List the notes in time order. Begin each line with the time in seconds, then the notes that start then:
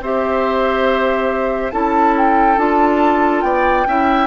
0.00 C4 G4 C5 E5
1.71 C#4 E4 A4 A5
2.17 G5
2.57 D4 F4 A5
3.41 B3 D5 G5
3.86 C#4 E4 E5